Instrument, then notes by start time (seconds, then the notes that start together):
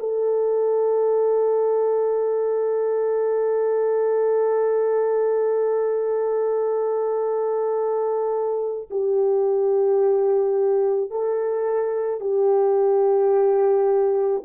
horn
0.00 A4
8.90 G4
11.11 A4
12.21 G4